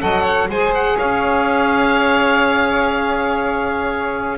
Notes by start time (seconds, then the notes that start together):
0.00 F#3 A4 D#5 F#5
0.22 C#5
0.48 G#3 G#4 C5 G#5
0.74 F#5
0.96 C#4 C#5 F5